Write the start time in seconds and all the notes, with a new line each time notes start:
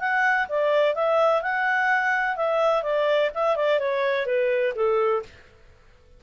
0.00 F#5
0.49 D5
0.95 E5
1.43 F#5
2.37 E5
2.84 D5
3.35 E5
3.56 D5
3.80 C#5
4.27 B4
4.76 A4